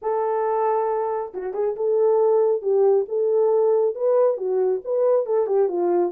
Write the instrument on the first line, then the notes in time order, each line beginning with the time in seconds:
horn
0.01 A4
1.34 F#4
1.53 G#4
1.76 A4
2.62 G4
3.08 A4
3.95 B4
4.37 F#4
4.84 B4
5.26 A4
5.46 G4
5.68 F4